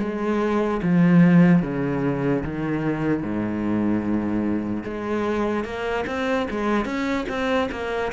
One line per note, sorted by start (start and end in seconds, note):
0.00 0.81 G#3
0.83 1.63 F3
1.63 2.44 C#3
2.44 3.23 D#3
3.23 4.84 G#2
4.84 5.65 G#3
5.65 6.05 A#3
6.07 6.48 C4
6.50 6.86 G#3
6.86 7.26 C#4
7.29 7.70 C4
7.72 8.12 A#3